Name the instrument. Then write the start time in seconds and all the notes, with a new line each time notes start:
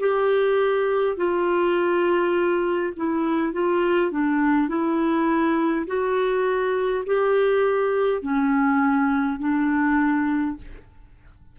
clarinet
0.00 G4
1.17 F4
2.96 E4
3.53 F4
4.11 D4
4.68 E4
5.87 F#4
7.06 G4
8.22 C#4
9.40 D4